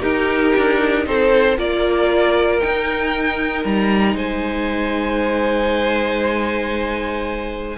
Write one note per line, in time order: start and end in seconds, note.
0.00 1.55 D#4
0.00 0.54 D#4
0.00 1.04 G4
0.00 1.06 A#4
0.56 1.06 D4
1.06 1.58 C4
1.06 1.58 A4
1.06 1.58 C5
1.57 2.62 A#3
1.57 2.61 F4
1.57 4.15 A#4
1.57 2.60 D5
2.60 7.78 D#4
2.60 3.65 D#4
2.60 3.64 G5
3.64 4.15 G3
3.64 4.16 A#5
4.15 7.77 G#3
4.15 7.77 C5
4.15 7.78 G#5